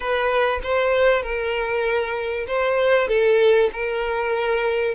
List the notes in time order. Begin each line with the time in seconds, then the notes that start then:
0.00 B4
0.63 C5
1.22 A#4
2.47 C5
3.08 A4
3.73 A#4